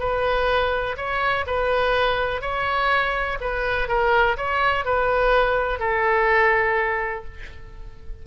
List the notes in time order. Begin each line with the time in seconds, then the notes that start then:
0.00 B4
0.98 C#5
1.47 B4
2.42 C#5
3.41 B4
3.89 A#4
4.37 C#5
4.85 B4
5.80 A4